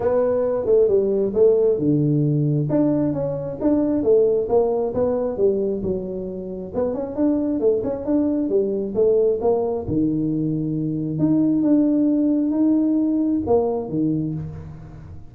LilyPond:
\new Staff \with { instrumentName = "tuba" } { \time 4/4 \tempo 4 = 134 b4. a8 g4 a4 | d2 d'4 cis'4 | d'4 a4 ais4 b4 | g4 fis2 b8 cis'8 |
d'4 a8 cis'8 d'4 g4 | a4 ais4 dis2~ | dis4 dis'4 d'2 | dis'2 ais4 dis4 | }